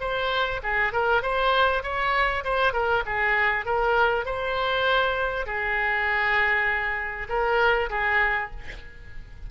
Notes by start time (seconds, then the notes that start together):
0.00 C5
0.63 G#4
0.93 A#4
1.22 C5
1.83 C#5
2.44 C5
2.73 A#4
3.06 G#4
3.65 A#4
4.25 C5
5.46 G#4
7.29 A#4
7.90 G#4